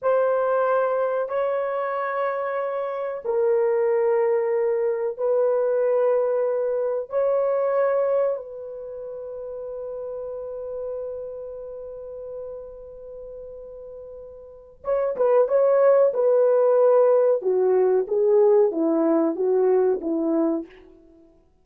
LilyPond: \new Staff \with { instrumentName = "horn" } { \time 4/4 \tempo 4 = 93 c''2 cis''2~ | cis''4 ais'2. | b'2. cis''4~ | cis''4 b'2.~ |
b'1~ | b'2. cis''8 b'8 | cis''4 b'2 fis'4 | gis'4 e'4 fis'4 e'4 | }